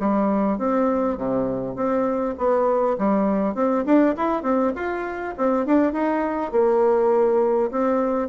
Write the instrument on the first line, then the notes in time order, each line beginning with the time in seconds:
bassoon
0.00 G3
0.58 C4
1.18 C3
1.76 C4
2.38 B3
2.99 G3
3.55 C4
3.86 D4
4.17 E4
4.43 C4
4.76 F4
5.38 C4
5.66 D4
5.93 D#4
6.52 A#3
7.71 C4